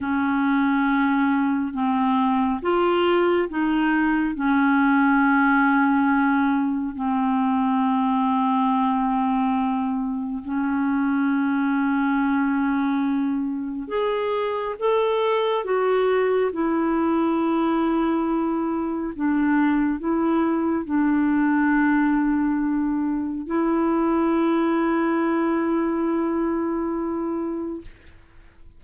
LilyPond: \new Staff \with { instrumentName = "clarinet" } { \time 4/4 \tempo 4 = 69 cis'2 c'4 f'4 | dis'4 cis'2. | c'1 | cis'1 |
gis'4 a'4 fis'4 e'4~ | e'2 d'4 e'4 | d'2. e'4~ | e'1 | }